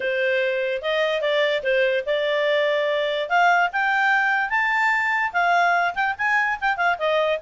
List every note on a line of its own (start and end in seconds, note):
0.00 0.81 C5
0.81 1.21 D#5
1.21 1.62 D5
1.63 2.04 C5
2.05 3.29 D5
3.29 3.70 F5
3.72 4.49 G5
4.49 5.31 A5
5.33 5.94 F5
5.95 6.15 G5
6.18 6.59 G#5
6.60 6.76 G5
6.76 6.97 F5
6.98 7.39 D#5